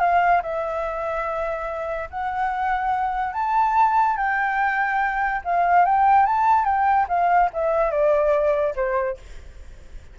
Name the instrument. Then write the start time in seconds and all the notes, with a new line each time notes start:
flute
0.00 F5
0.43 E5
2.10 F#5
3.34 A5
4.17 G5
5.45 F5
5.85 G5
6.26 A5
6.65 G5
7.09 F5
7.53 E5
7.91 D5
8.76 C5